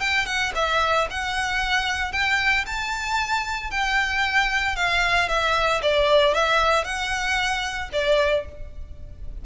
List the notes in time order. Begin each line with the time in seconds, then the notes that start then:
0.00 G5
0.26 F#5
0.55 E5
1.10 F#5
2.12 G5
2.66 A5
3.71 G5
4.76 F5
5.29 E5
5.82 D5
6.34 E5
6.84 F#5
7.93 D5